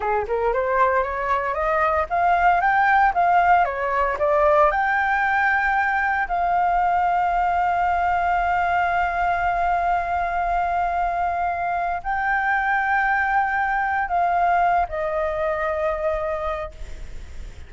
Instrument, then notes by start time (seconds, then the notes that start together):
flute
0.00 G#4
0.27 A#4
0.53 C5
1.03 C#5
1.53 D#5
2.09 F5
2.60 G5
3.14 F5
3.65 C#5
4.19 D5
4.71 G5
6.28 F5
12.03 G5
14.08 F5
14.89 D#5